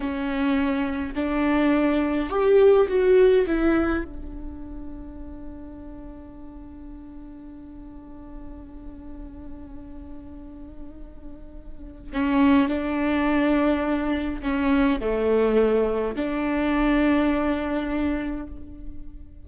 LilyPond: \new Staff \with { instrumentName = "viola" } { \time 4/4 \tempo 4 = 104 cis'2 d'2 | g'4 fis'4 e'4 d'4~ | d'1~ | d'1~ |
d'1~ | d'4 cis'4 d'2~ | d'4 cis'4 a2 | d'1 | }